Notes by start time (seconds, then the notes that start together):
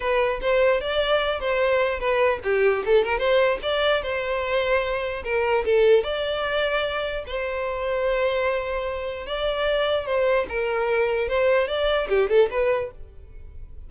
0.00 B4
0.41 C5
0.81 D5
1.40 C5
1.99 B4
2.43 G4
2.85 A4
3.04 A#4
3.18 C5
3.62 D5
4.02 C5
5.23 A#4
5.64 A4
6.03 D5
7.26 C5
9.26 D5
10.05 C5
10.48 A#4
11.28 C5
11.67 D5
12.09 G4
12.29 A4
12.50 B4